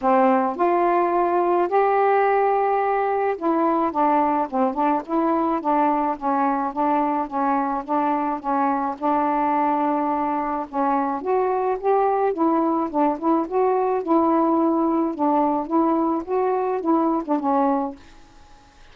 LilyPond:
\new Staff \with { instrumentName = "saxophone" } { \time 4/4 \tempo 4 = 107 c'4 f'2 g'4~ | g'2 e'4 d'4 | c'8 d'8 e'4 d'4 cis'4 | d'4 cis'4 d'4 cis'4 |
d'2. cis'4 | fis'4 g'4 e'4 d'8 e'8 | fis'4 e'2 d'4 | e'4 fis'4 e'8. d'16 cis'4 | }